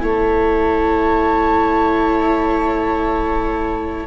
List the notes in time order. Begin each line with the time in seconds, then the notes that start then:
0.00 A3 E4 C#5 A5